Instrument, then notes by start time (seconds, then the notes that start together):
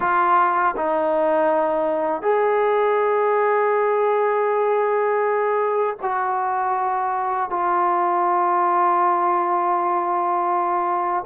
trombone
0.00 F4
0.76 D#4
2.21 G#4
6.01 F#4
7.50 F4